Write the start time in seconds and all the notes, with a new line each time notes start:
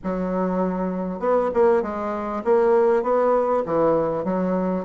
0.03 F#3
1.19 B3
1.53 A#3
1.82 G#3
2.44 A#3
3.02 B3
3.65 E3
4.24 F#3